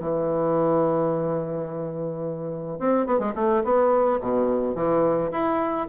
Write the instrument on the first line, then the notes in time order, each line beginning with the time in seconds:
bassoon
0.00 E3
2.79 C4
3.06 B3
3.19 G#3
3.35 A3
3.64 B3
4.20 B2
4.75 E3
5.31 E4